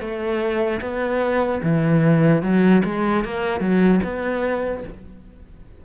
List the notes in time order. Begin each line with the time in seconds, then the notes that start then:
0.00 A3
0.81 B3
1.63 E3
2.42 F#3
2.84 G#3
3.24 A#3
3.60 F#3
4.03 B3